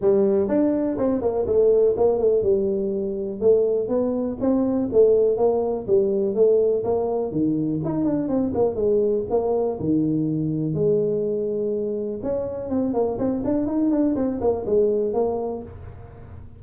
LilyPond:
\new Staff \with { instrumentName = "tuba" } { \time 4/4 \tempo 4 = 123 g4 d'4 c'8 ais8 a4 | ais8 a8 g2 a4 | b4 c'4 a4 ais4 | g4 a4 ais4 dis4 |
dis'8 d'8 c'8 ais8 gis4 ais4 | dis2 gis2~ | gis4 cis'4 c'8 ais8 c'8 d'8 | dis'8 d'8 c'8 ais8 gis4 ais4 | }